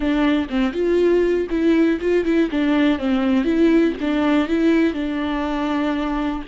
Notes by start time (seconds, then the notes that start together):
0.00 D4
0.49 C4
0.73 F4
1.49 E4
2.00 F4
2.24 E4
2.50 D4
2.98 C4
3.44 E4
4.00 D4
4.48 E4
4.93 D4